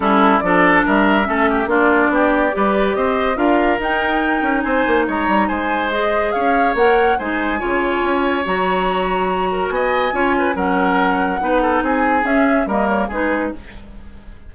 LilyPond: <<
  \new Staff \with { instrumentName = "flute" } { \time 4/4 \tempo 4 = 142 a'4 d''4 e''2 | d''2. dis''4 | f''4 g''2 gis''4 | ais''4 gis''4 dis''4 f''4 |
fis''4 gis''2. | ais''2. gis''4~ | gis''4 fis''2. | gis''4 e''4 dis''8 cis''8 b'4 | }
  \new Staff \with { instrumentName = "oboe" } { \time 4/4 e'4 a'4 ais'4 a'8 g'8 | f'4 g'4 b'4 c''4 | ais'2. c''4 | cis''4 c''2 cis''4~ |
cis''4 c''4 cis''2~ | cis''2~ cis''8 ais'8 dis''4 | cis''8 b'8 ais'2 b'8 a'8 | gis'2 ais'4 gis'4 | }
  \new Staff \with { instrumentName = "clarinet" } { \time 4/4 cis'4 d'2 cis'4 | d'2 g'2 | f'4 dis'2.~ | dis'2 gis'2 |
ais'4 dis'4 f'2 | fis'1 | f'4 cis'2 dis'4~ | dis'4 cis'4 ais4 dis'4 | }
  \new Staff \with { instrumentName = "bassoon" } { \time 4/4 g4 f4 g4 a4 | ais4 b4 g4 c'4 | d'4 dis'4. cis'8 c'8 ais8 | gis8 g8 gis2 cis'4 |
ais4 gis4 cis4 cis'4 | fis2. b4 | cis'4 fis2 b4 | c'4 cis'4 g4 gis4 | }
>>